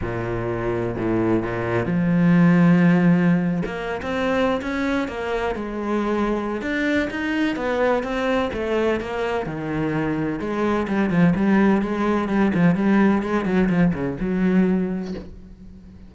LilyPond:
\new Staff \with { instrumentName = "cello" } { \time 4/4 \tempo 4 = 127 ais,2 a,4 ais,4 | f2.~ f8. ais16~ | ais8 c'4~ c'16 cis'4 ais4 gis16~ | gis2 d'4 dis'4 |
b4 c'4 a4 ais4 | dis2 gis4 g8 f8 | g4 gis4 g8 f8 g4 | gis8 fis8 f8 cis8 fis2 | }